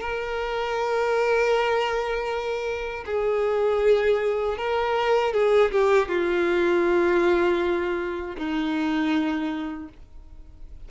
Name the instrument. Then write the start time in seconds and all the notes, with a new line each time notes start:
violin
0.00 A#4
3.05 G#4
4.57 A#4
5.33 G#4
5.71 G4
6.08 F4
8.36 D#4